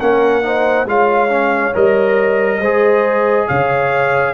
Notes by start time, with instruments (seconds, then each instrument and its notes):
0.00 tuba A#3, trombone C#4, horn A#4, trumpet F#5
0.43 trombone D#4, horn C5
0.86 tuba G#3, trombone F4, horn C#5, trumpet F5
1.29 trombone C#4
1.75 tuba G3, trombone A#4, trumpet D#5
2.59 tuba G#3, trombone G#4, horn C5
3.48 tuba C#3, horn C#5, trumpet F5